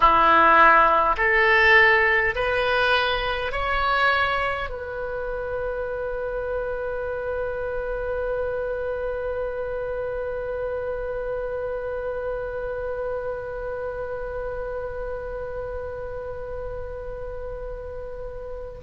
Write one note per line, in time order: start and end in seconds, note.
0.00 1.16 E4
1.17 2.34 A4
2.35 3.51 B4
3.51 4.69 C#5
4.69 18.81 B4